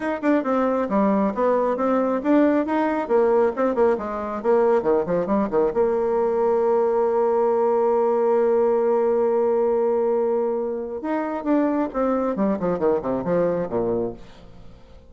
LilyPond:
\new Staff \with { instrumentName = "bassoon" } { \time 4/4 \tempo 4 = 136 dis'8 d'8 c'4 g4 b4 | c'4 d'4 dis'4 ais4 | c'8 ais8 gis4 ais4 dis8 f8 | g8 dis8 ais2.~ |
ais1~ | ais1~ | ais4 dis'4 d'4 c'4 | g8 f8 dis8 c8 f4 ais,4 | }